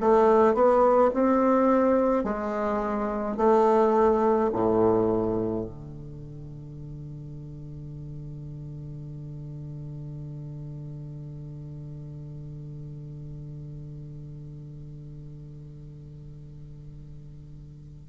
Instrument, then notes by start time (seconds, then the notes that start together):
bassoon
0.00 A3
0.54 B3
1.14 C4
2.24 G#3
3.37 A3
4.53 A2
5.64 D3